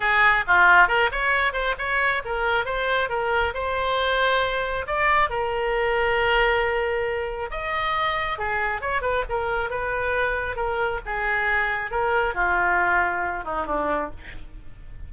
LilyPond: \new Staff \with { instrumentName = "oboe" } { \time 4/4 \tempo 4 = 136 gis'4 f'4 ais'8 cis''4 c''8 | cis''4 ais'4 c''4 ais'4 | c''2. d''4 | ais'1~ |
ais'4 dis''2 gis'4 | cis''8 b'8 ais'4 b'2 | ais'4 gis'2 ais'4 | f'2~ f'8 dis'8 d'4 | }